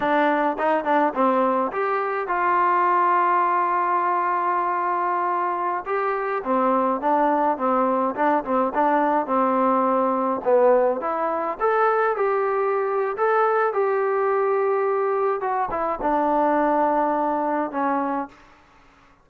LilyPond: \new Staff \with { instrumentName = "trombone" } { \time 4/4 \tempo 4 = 105 d'4 dis'8 d'8 c'4 g'4 | f'1~ | f'2~ f'16 g'4 c'8.~ | c'16 d'4 c'4 d'8 c'8 d'8.~ |
d'16 c'2 b4 e'8.~ | e'16 a'4 g'4.~ g'16 a'4 | g'2. fis'8 e'8 | d'2. cis'4 | }